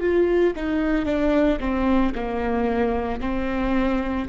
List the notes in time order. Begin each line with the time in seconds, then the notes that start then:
0.00 F4
0.56 D#4
1.05 D4
1.60 C4
2.14 A#3
3.20 C4